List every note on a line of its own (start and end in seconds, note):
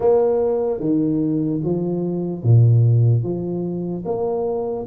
0.00 0.80 A#3
0.80 1.61 D#3
1.63 2.43 F3
2.43 3.22 A#2
3.22 4.04 F3
4.05 4.86 A#3